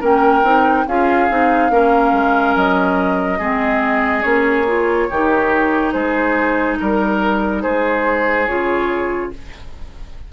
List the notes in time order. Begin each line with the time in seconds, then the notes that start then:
0.00 A#3 C#4 A#4 G5
0.42 C4 D#4
0.87 C#4 F4 G#4 F5
1.29 C4 D#4
1.70 A#3 C#4 A#4
2.13 G#3
2.55 F#3 D#5
3.38 G#3 C4 G#4
4.22 A#3 C#4 C#5
4.67 F4
5.10 D#3 D#4 G4
5.92 G#3 G#4 C5
6.80 G3 A#4
7.62 G#3 G#4 C5
8.46 C#3 F4 C#5